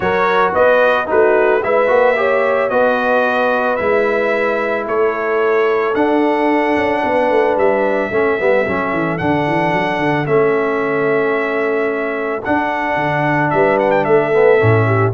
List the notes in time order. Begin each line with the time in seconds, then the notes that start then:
0.00 F#3 F#4 A#4 C#5
0.52 B3 B4 D#5
1.06 A3 D#4 F#4 B4
1.63 G#3 E4 B4 E5
1.87 A#3 F#4
2.16 G4 C#5
2.69 B3 F#4 B4 D#5
3.76 G#3 E4 E5
4.86 A3 A4 C#5
5.94 D4 F#5
6.75 C#4
7.03 B3 B4
7.30 A3
7.56 G3 E5
8.11 A3 C#4 A4
8.38 G3 B3
8.66 F#3 C#4
8.92 E3
9.18 D3 D4 F#5
9.47 E3
9.73 F#3
9.98 D3
10.25 A3 C#4 E5
12.44 D4 F#5
12.95 D3
13.50 G3 B4 E5
13.79 F#5
13.91 G5
14.04 A3 A4 E5
14.33 B3
14.58 A2 C#4
14.86 G4